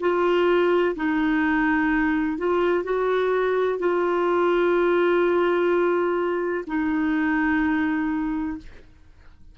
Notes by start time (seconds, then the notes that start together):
0.00 F4
0.96 D#4
2.38 F4
2.84 F#4
3.79 F4
6.67 D#4